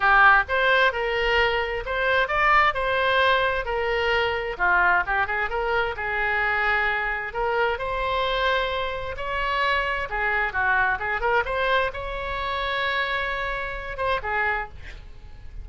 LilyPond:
\new Staff \with { instrumentName = "oboe" } { \time 4/4 \tempo 4 = 131 g'4 c''4 ais'2 | c''4 d''4 c''2 | ais'2 f'4 g'8 gis'8 | ais'4 gis'2. |
ais'4 c''2. | cis''2 gis'4 fis'4 | gis'8 ais'8 c''4 cis''2~ | cis''2~ cis''8 c''8 gis'4 | }